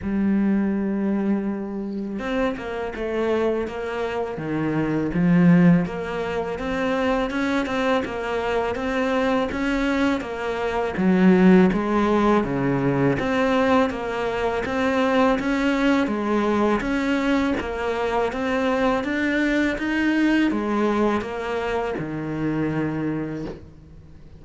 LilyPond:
\new Staff \with { instrumentName = "cello" } { \time 4/4 \tempo 4 = 82 g2. c'8 ais8 | a4 ais4 dis4 f4 | ais4 c'4 cis'8 c'8 ais4 | c'4 cis'4 ais4 fis4 |
gis4 cis4 c'4 ais4 | c'4 cis'4 gis4 cis'4 | ais4 c'4 d'4 dis'4 | gis4 ais4 dis2 | }